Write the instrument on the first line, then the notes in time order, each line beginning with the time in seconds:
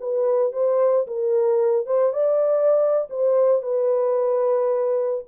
horn
0.00 B4
0.53 C5
1.07 A#4
1.86 C5
2.13 D5
3.10 C5
3.62 B4